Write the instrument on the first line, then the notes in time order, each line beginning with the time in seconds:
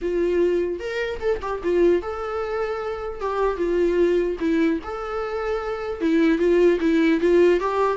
viola
0.01 F4
0.79 A#4
1.20 A4
1.41 G4
1.63 F4
2.01 A4
3.20 G4
3.57 F4
4.39 E4
4.83 A4
6.00 E4
6.38 F4
6.80 E4
7.20 F4
7.60 G4